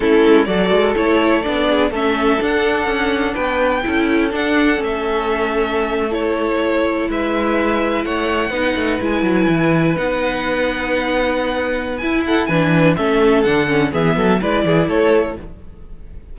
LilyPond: <<
  \new Staff \with { instrumentName = "violin" } { \time 4/4 \tempo 4 = 125 a'4 d''4 cis''4 d''4 | e''4 fis''2 g''4~ | g''4 fis''4 e''2~ | e''8. cis''2 e''4~ e''16~ |
e''8. fis''2 gis''4~ gis''16~ | gis''8. fis''2.~ fis''16~ | fis''4 gis''8 fis''8 gis''4 e''4 | fis''4 e''4 d''4 cis''4 | }
  \new Staff \with { instrumentName = "violin" } { \time 4/4 e'4 a'2~ a'8 gis'8 | a'2. b'4 | a'1~ | a'2~ a'8. b'4~ b'16~ |
b'8. cis''4 b'2~ b'16~ | b'1~ | b'4. a'8 b'4 a'4~ | a'4 gis'8 a'8 b'8 gis'8 a'4 | }
  \new Staff \with { instrumentName = "viola" } { \time 4/4 cis'4 fis'4 e'4 d'4 | cis'4 d'2. | e'4 d'4 cis'2~ | cis'8. e'2.~ e'16~ |
e'4.~ e'16 dis'4 e'4~ e'16~ | e'8. dis'2.~ dis'16~ | dis'4 e'4 d'4 cis'4 | d'8 cis'8 b4 e'2 | }
  \new Staff \with { instrumentName = "cello" } { \time 4/4 a8 gis8 fis8 gis8 a4 b4 | a4 d'4 cis'4 b4 | cis'4 d'4 a2~ | a2~ a8. gis4~ gis16~ |
gis8. a4 b8 a8 gis8 fis8 e16~ | e8. b2.~ b16~ | b4 e'4 e4 a4 | d4 e8 fis8 gis8 e8 a4 | }
>>